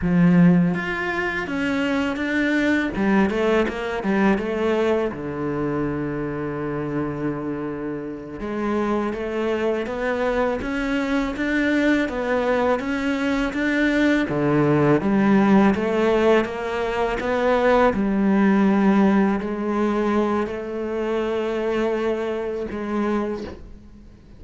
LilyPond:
\new Staff \with { instrumentName = "cello" } { \time 4/4 \tempo 4 = 82 f4 f'4 cis'4 d'4 | g8 a8 ais8 g8 a4 d4~ | d2.~ d8 gis8~ | gis8 a4 b4 cis'4 d'8~ |
d'8 b4 cis'4 d'4 d8~ | d8 g4 a4 ais4 b8~ | b8 g2 gis4. | a2. gis4 | }